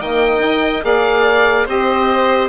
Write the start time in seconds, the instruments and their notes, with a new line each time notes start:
0.00 bassoon D#3, saxophone A#3, violin D#5, oboe G5
0.39 saxophone D#4
0.83 bassoon A#3, saxophone G#4, violin D5, oboe F5
1.65 bassoon C4, saxophone G4, violin C5, oboe D#5